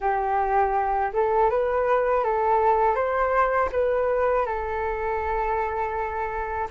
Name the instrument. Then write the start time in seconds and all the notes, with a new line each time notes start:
flute
0.00 G4
1.13 A4
1.50 B4
2.24 A4
2.95 C5
3.71 B4
4.45 A4